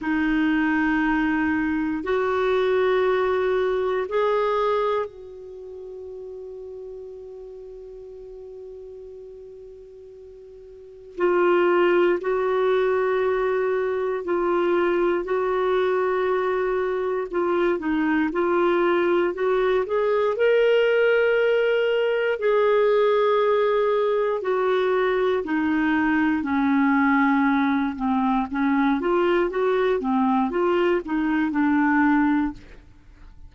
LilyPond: \new Staff \with { instrumentName = "clarinet" } { \time 4/4 \tempo 4 = 59 dis'2 fis'2 | gis'4 fis'2.~ | fis'2. f'4 | fis'2 f'4 fis'4~ |
fis'4 f'8 dis'8 f'4 fis'8 gis'8 | ais'2 gis'2 | fis'4 dis'4 cis'4. c'8 | cis'8 f'8 fis'8 c'8 f'8 dis'8 d'4 | }